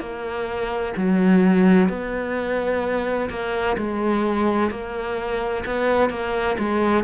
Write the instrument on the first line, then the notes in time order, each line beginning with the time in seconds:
cello
0.00 A#3
0.97 F#3
1.89 B3
3.30 A#3
3.78 G#3
4.71 A#3
5.66 B3
6.10 A#3
6.59 G#3